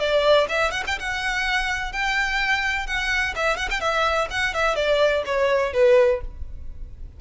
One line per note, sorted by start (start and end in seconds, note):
0.00 0.48 D5
0.49 0.71 E5
0.71 0.83 F#5
0.87 0.99 G5
1.00 1.93 F#5
1.93 2.87 G5
2.87 3.35 F#5
3.36 3.57 E5
3.57 3.69 F#5
3.71 3.81 G5
3.81 4.28 E5
4.31 4.54 F#5
4.54 4.76 E5
4.76 5.24 D5
5.26 5.74 C#5
5.74 6.21 B4